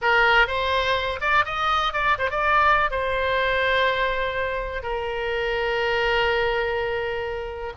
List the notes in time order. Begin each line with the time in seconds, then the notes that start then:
0.01 A#4
0.47 C5
1.20 D5
1.45 D#5
1.93 D5
2.18 C5
2.30 D5
2.90 C5
4.82 A#4